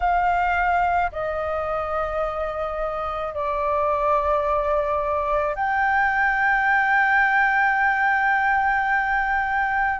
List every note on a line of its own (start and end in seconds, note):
0.00 1.11 F5
1.12 3.34 D#5
3.34 5.55 D5
5.55 9.99 G5